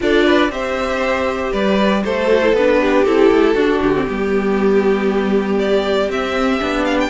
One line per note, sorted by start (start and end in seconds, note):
0.00 0.50 D4
0.00 0.50 F4
0.00 0.26 A4
0.00 0.51 D5
0.26 0.51 B4
0.50 1.51 C4
0.50 2.28 G4
0.50 1.52 C5
0.50 1.53 E5
1.52 2.04 G3
1.52 2.03 B4
1.52 2.03 D5
2.04 2.52 A3
2.04 2.80 A4
2.04 2.54 C5
2.28 2.41 F#4
2.42 2.55 E4
2.52 3.03 B3
2.52 3.06 D4
2.52 3.04 B4
2.80 3.54 G4
3.04 3.30 C4
3.04 3.57 E4
3.04 3.80 A4
3.31 3.55 A3
3.54 3.80 D4
3.54 3.95 D4
3.54 4.05 F#4
3.83 4.08 D3
3.83 5.58 G4
3.95 4.06 C4
4.06 6.09 G3
4.06 6.10 B3
4.06 7.09 G4
5.58 6.09 D5
6.09 6.60 C4
6.09 6.59 C4
6.09 6.85 E5
6.59 7.09 B3
6.59 7.09 D4
6.85 6.97 F5
7.00 7.09 G5